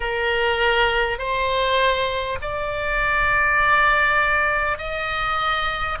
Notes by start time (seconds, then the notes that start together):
0.00 A#4
1.18 C5
2.41 D5
4.77 D#5